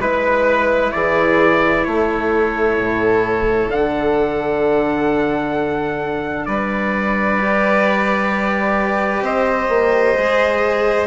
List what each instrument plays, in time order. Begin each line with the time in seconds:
0.00 bassoon G#3, cello E4, violin B4, trumpet B4
0.92 bassoon E3, violin G#4, trumpet D5
1.85 bassoon A3, violin A4, trumpet C#5
2.77 bassoon A2
3.68 bassoon D3, cello D4, trumpet F#5
6.46 bassoon G3, violin B4, trumpet D5
7.39 cello G4
9.22 bassoon C4, violin C5, trumpet D#5
9.69 bassoon A#3
10.17 bassoon G#3, cello G#4